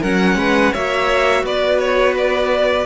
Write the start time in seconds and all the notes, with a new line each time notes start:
0.00 F#3 C#4 A#4 F#5
0.35 G#3 B4
0.73 A#3 F#4 C#5 E5
1.43 B3 B4 D5
1.79 C#5
2.18 D5